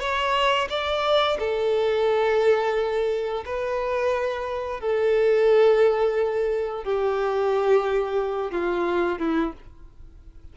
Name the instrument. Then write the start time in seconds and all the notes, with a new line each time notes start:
violin
0.00 C#5
0.70 D5
1.39 A4
3.45 B4
4.80 A4
6.84 G4
8.52 F4
9.19 E4